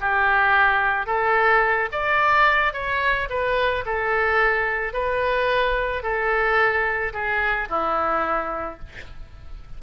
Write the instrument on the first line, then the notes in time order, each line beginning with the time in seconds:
oboe
0.00 G4
1.06 A4
1.92 D5
2.73 C#5
3.29 B4
3.85 A4
4.93 B4
6.03 A4
7.13 G#4
7.69 E4